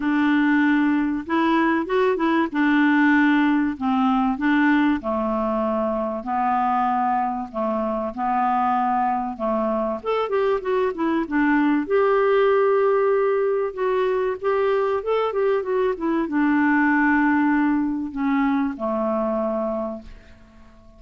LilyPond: \new Staff \with { instrumentName = "clarinet" } { \time 4/4 \tempo 4 = 96 d'2 e'4 fis'8 e'8 | d'2 c'4 d'4 | a2 b2 | a4 b2 a4 |
a'8 g'8 fis'8 e'8 d'4 g'4~ | g'2 fis'4 g'4 | a'8 g'8 fis'8 e'8 d'2~ | d'4 cis'4 a2 | }